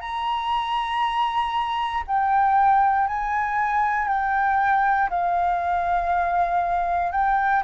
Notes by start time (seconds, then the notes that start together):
0.00 A#5
2.07 G5
3.07 G#5
4.08 G5
5.10 F5
7.12 G5